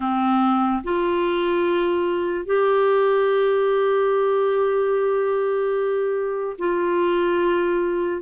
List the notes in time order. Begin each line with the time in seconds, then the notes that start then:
0.00 C4
0.83 F4
2.45 G4
6.58 F4